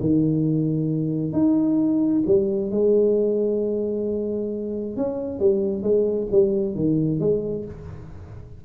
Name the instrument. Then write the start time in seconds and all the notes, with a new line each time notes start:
tuba
0.00 D#3
1.32 D#4
2.26 G3
2.71 G#3
4.96 C#4
5.39 G3
5.82 G#3
6.31 G3
6.75 D#3
7.20 G#3